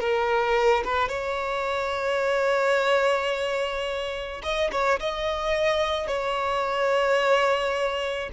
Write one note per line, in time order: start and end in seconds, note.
0.00 0.83 A#4
0.84 1.08 B4
1.08 4.41 C#5
4.43 4.71 D#5
4.72 4.99 C#5
4.99 6.08 D#5
6.08 8.30 C#5